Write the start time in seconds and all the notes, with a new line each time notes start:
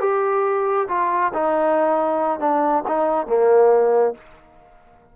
0.00 G4
0.89 F4
1.34 D#4
2.40 D4
2.88 D#4
3.27 A#3